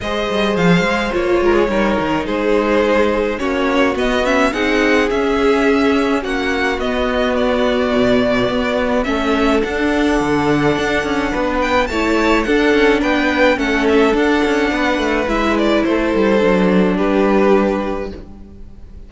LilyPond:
<<
  \new Staff \with { instrumentName = "violin" } { \time 4/4 \tempo 4 = 106 dis''4 f''4 cis''2 | c''2 cis''4 dis''8 e''8 | fis''4 e''2 fis''4 | dis''4 d''2. |
e''4 fis''2.~ | fis''8 g''8 a''4 fis''4 g''4 | fis''8 e''8 fis''2 e''8 d''8 | c''2 b'2 | }
  \new Staff \with { instrumentName = "violin" } { \time 4/4 c''2~ c''8 ais'16 gis'16 ais'4 | gis'2 fis'2 | gis'2. fis'4~ | fis'1 |
a'1 | b'4 cis''4 a'4 b'4 | a'2 b'2 | a'2 g'2 | }
  \new Staff \with { instrumentName = "viola" } { \time 4/4 gis'2 f'4 dis'4~ | dis'2 cis'4 b8 cis'8 | dis'4 cis'2. | b1 |
cis'4 d'2.~ | d'4 e'4 d'2 | cis'4 d'2 e'4~ | e'4 d'2. | }
  \new Staff \with { instrumentName = "cello" } { \time 4/4 gis8 g8 f8 gis8 ais8 gis8 g8 dis8 | gis2 ais4 b4 | c'4 cis'2 ais4 | b2 b,4 b4 |
a4 d'4 d4 d'8 cis'8 | b4 a4 d'8 cis'8 b4 | a4 d'8 cis'8 b8 a8 gis4 | a8 g8 fis4 g2 | }
>>